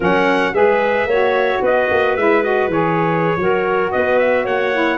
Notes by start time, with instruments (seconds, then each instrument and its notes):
0.00 tuba F#3, saxophone C#4, clarinet A#4, trumpet F#5
0.53 tuba G#3, saxophone G#4, clarinet B4, trumpet E5
1.06 tuba A#3, saxophone F#4, clarinet C#5
1.61 tuba B3, clarinet B4, trumpet D#5
1.90 tuba A#3
2.16 tuba G#3, saxophone E4, trumpet E5
2.43 saxophone F#4, trumpet D#5
2.67 tuba E3, saxophone G#4, trumpet C#5
3.37 tuba F#3, saxophone F#4, clarinet A#4
3.91 tuba B3, clarinet B4, trumpet D#5
4.18 trumpet E5
4.44 tuba A#3, clarinet C#5, trumpet F#5
4.73 saxophone E4